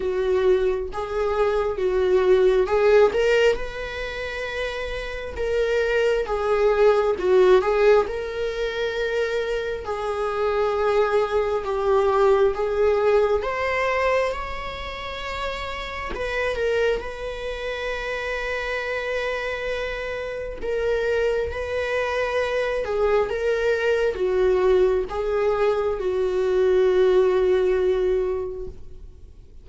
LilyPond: \new Staff \with { instrumentName = "viola" } { \time 4/4 \tempo 4 = 67 fis'4 gis'4 fis'4 gis'8 ais'8 | b'2 ais'4 gis'4 | fis'8 gis'8 ais'2 gis'4~ | gis'4 g'4 gis'4 c''4 |
cis''2 b'8 ais'8 b'4~ | b'2. ais'4 | b'4. gis'8 ais'4 fis'4 | gis'4 fis'2. | }